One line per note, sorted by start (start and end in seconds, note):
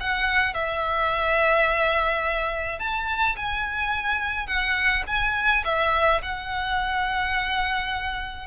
0.00 0.54 F#5
0.54 2.79 E5
2.79 3.36 A5
3.36 4.47 G#5
4.47 5.03 F#5
5.07 5.63 G#5
5.64 6.21 E5
6.22 8.46 F#5